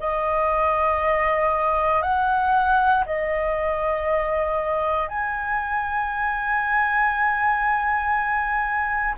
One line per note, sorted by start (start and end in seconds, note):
0.00 2.02 D#5
2.02 3.04 F#5
3.06 5.08 D#5
5.08 9.15 G#5